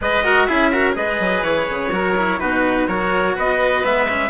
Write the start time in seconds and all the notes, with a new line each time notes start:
0.00 G#3 G#4 B4 D#5
0.24 F#4 A#4
0.45 C#4 E4 G#4 E5
0.72 F#4 A#4
0.92 G#3 G#4 B4 D#5
1.19 F#3
1.42 E3 C#5
1.69 C#3
1.91 F#3 F#4 A#4
2.16 E4
2.39 B2 D#4 F#4 B4
2.87 F#3 F#4 A#4 C#5
3.35 B3 B4 D#5
3.83 G#3 B3 E5
4.08 C#4